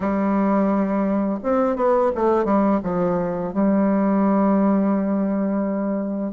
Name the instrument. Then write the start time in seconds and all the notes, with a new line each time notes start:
bassoon
0.00 G3
1.43 C4
1.76 B3
2.15 A3
2.44 G3
2.83 F3
3.53 G3